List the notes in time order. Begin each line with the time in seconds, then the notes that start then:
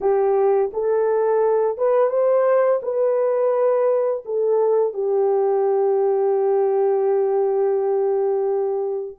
0.00 G4
0.73 A4
1.77 B4
2.09 C5
2.82 B4
4.25 A4
4.93 G4